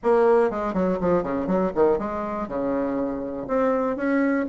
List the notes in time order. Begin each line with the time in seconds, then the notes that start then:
0.03 A#3
0.50 G#3
0.73 F#3
1.00 F3
1.23 C#3
1.46 F#3
1.74 D#3
1.98 G#3
2.47 C#3
3.47 C4
3.96 C#4